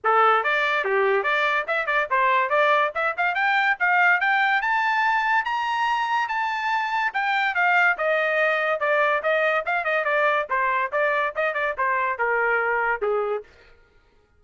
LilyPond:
\new Staff \with { instrumentName = "trumpet" } { \time 4/4 \tempo 4 = 143 a'4 d''4 g'4 d''4 | e''8 d''8 c''4 d''4 e''8 f''8 | g''4 f''4 g''4 a''4~ | a''4 ais''2 a''4~ |
a''4 g''4 f''4 dis''4~ | dis''4 d''4 dis''4 f''8 dis''8 | d''4 c''4 d''4 dis''8 d''8 | c''4 ais'2 gis'4 | }